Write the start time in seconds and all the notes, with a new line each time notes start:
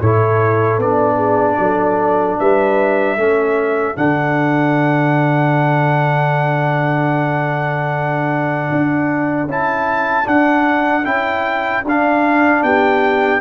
0.00 A2 E4 A4 C#5
0.77 B3 D4 D5
1.16 G#4
1.59 F#3 A4
2.39 G3 B4 E5
3.17 A3 C#4 A4
3.96 D3 D4 F#5
8.71 D4
9.46 C#4 E4 A5
10.23 D4 F#5
11.04 C#4 E4 G5
11.84 D4 F5
12.62 B3 G4 G5